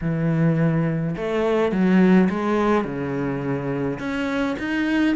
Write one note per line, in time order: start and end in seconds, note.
0.01 1.15 E3
1.16 1.71 A3
1.71 2.29 F#3
2.29 2.84 G#3
2.84 3.98 C#3
3.99 4.56 C#4
4.59 5.15 D#4